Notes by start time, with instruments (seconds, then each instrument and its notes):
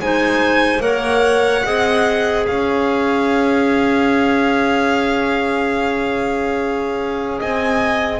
0.00 double bass G#3, clarinet D#4 C5, violin G#5
0.79 double bass A#3, clarinet A#4 C#5, violin F#5
1.64 double bass C4, clarinet G#4 D#5
2.45 double bass C#4, clarinet C#5, violin F5
7.39 double bass C4, clarinet D#5, violin G#5